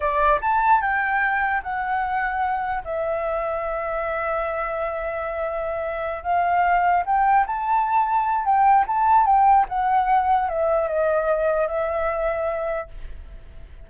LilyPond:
\new Staff \with { instrumentName = "flute" } { \time 4/4 \tempo 4 = 149 d''4 a''4 g''2 | fis''2. e''4~ | e''1~ | e''2.~ e''8 f''8~ |
f''4. g''4 a''4.~ | a''4 g''4 a''4 g''4 | fis''2 e''4 dis''4~ | dis''4 e''2. | }